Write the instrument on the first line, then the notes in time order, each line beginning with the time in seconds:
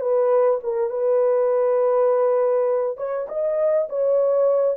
horn
0.00 B4
0.63 A#4
0.90 B4
2.97 C#5
3.28 D#5
3.89 C#5